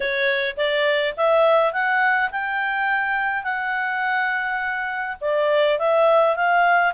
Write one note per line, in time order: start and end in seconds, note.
0.00 0.56 C#5
0.56 1.14 D5
1.16 1.72 E5
1.72 2.30 F#5
2.31 3.43 G5
3.43 5.16 F#5
5.21 5.78 D5
5.78 6.36 E5
6.36 6.93 F5